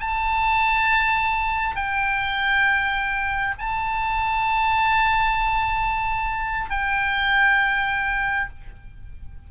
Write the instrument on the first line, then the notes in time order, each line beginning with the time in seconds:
oboe
0.00 A5
1.75 G5
3.58 A5
6.70 G5